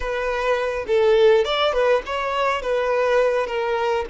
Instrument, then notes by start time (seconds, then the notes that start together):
violin
0.00 B4
0.87 A4
1.44 D5
1.72 B4
2.05 C#5
2.62 B4
3.47 A#4